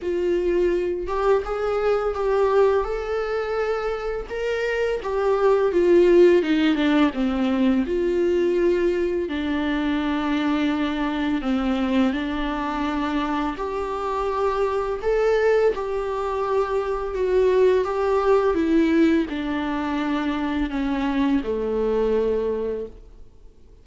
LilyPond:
\new Staff \with { instrumentName = "viola" } { \time 4/4 \tempo 4 = 84 f'4. g'8 gis'4 g'4 | a'2 ais'4 g'4 | f'4 dis'8 d'8 c'4 f'4~ | f'4 d'2. |
c'4 d'2 g'4~ | g'4 a'4 g'2 | fis'4 g'4 e'4 d'4~ | d'4 cis'4 a2 | }